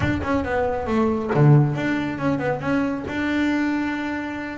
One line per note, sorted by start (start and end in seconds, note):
0.00 0.21 D4
0.23 0.44 C#4
0.44 0.87 B3
0.87 1.30 A3
1.34 1.75 D3
1.75 2.18 D4
2.18 2.38 C#4
2.38 2.60 B3
2.60 3.04 C#4
3.07 4.57 D4